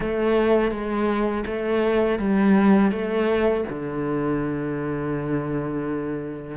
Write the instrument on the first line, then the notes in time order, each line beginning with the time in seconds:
cello
0.00 A3
0.71 G#3
1.46 A3
2.18 G3
2.91 A3
3.70 D3